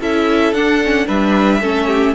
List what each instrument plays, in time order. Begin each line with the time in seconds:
0.00 cello C#4, viola E4, violin A4 E5
0.52 cello D4, viola D4, violin F#5
0.84 viola C#4
1.07 cello G3, viola D4, violin B4 E5
1.60 cello A3, viola C#4, violin A4
1.87 violin G4